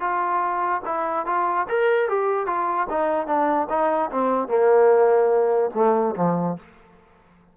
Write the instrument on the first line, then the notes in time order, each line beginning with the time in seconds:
trombone
0.00 F4
0.85 E4
1.26 F4
1.68 A#4
2.09 G4
2.46 F4
2.89 D#4
3.27 D4
3.69 D#4
4.11 C4
4.48 A#3
5.74 A3
6.16 F3